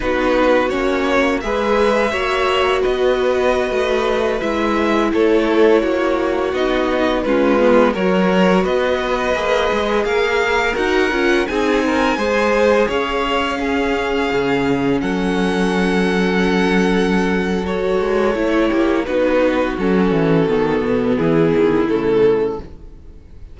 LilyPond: <<
  \new Staff \with { instrumentName = "violin" } { \time 4/4 \tempo 4 = 85 b'4 cis''4 e''2 | dis''2~ dis''16 e''4 cis''8.~ | cis''4~ cis''16 dis''4 b'4 cis''8.~ | cis''16 dis''2 f''4 fis''8.~ |
fis''16 gis''2 f''4.~ f''16~ | f''4~ f''16 fis''2~ fis''8.~ | fis''4 cis''2 b'4 | a'2 gis'4 a'4 | }
  \new Staff \with { instrumentName = "violin" } { \time 4/4 fis'2 b'4 cis''4 | b'2.~ b'16 a'8.~ | a'16 fis'2 f'4 ais'8.~ | ais'16 b'2 ais'4.~ ais'16~ |
ais'16 gis'8 ais'8 c''4 cis''4 gis'8.~ | gis'4~ gis'16 a'2~ a'8.~ | a'2~ a'8 g'8 fis'4~ | fis'2 e'2 | }
  \new Staff \with { instrumentName = "viola" } { \time 4/4 dis'4 cis'4 gis'4 fis'4~ | fis'2~ fis'16 e'4.~ e'16~ | e'4~ e'16 dis'4 cis'8 b8 fis'8.~ | fis'4~ fis'16 gis'2 fis'8 f'16~ |
f'16 dis'4 gis'2 cis'8.~ | cis'1~ | cis'4 fis'4 e'4 dis'4 | cis'4 b2 a4 | }
  \new Staff \with { instrumentName = "cello" } { \time 4/4 b4 ais4 gis4 ais4 | b4~ b16 a4 gis4 a8.~ | a16 ais4 b4 gis4 fis8.~ | fis16 b4 ais8 gis8 ais4 dis'8 cis'16~ |
cis'16 c'4 gis4 cis'4.~ cis'16~ | cis'16 cis4 fis2~ fis8.~ | fis4. gis8 a8 ais8 b4 | fis8 e8 dis8 b,8 e8 dis8 cis4 | }
>>